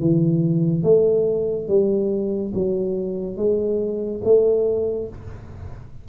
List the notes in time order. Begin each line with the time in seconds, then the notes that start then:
0.00 E3
0.83 A3
1.68 G3
2.54 F#3
3.37 G#3
4.24 A3